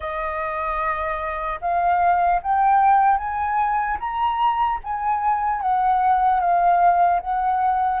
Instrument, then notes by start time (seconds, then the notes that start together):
flute
0.00 D#5
1.61 F5
2.42 G5
3.17 G#5
4.00 A#5
4.83 G#5
5.61 F#5
6.40 F5
7.20 F#5